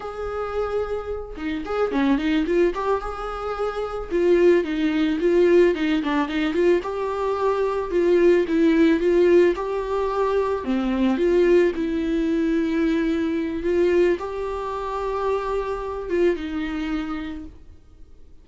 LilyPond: \new Staff \with { instrumentName = "viola" } { \time 4/4 \tempo 4 = 110 gis'2~ gis'8 dis'8 gis'8 cis'8 | dis'8 f'8 g'8 gis'2 f'8~ | f'8 dis'4 f'4 dis'8 d'8 dis'8 | f'8 g'2 f'4 e'8~ |
e'8 f'4 g'2 c'8~ | c'8 f'4 e'2~ e'8~ | e'4 f'4 g'2~ | g'4. f'8 dis'2 | }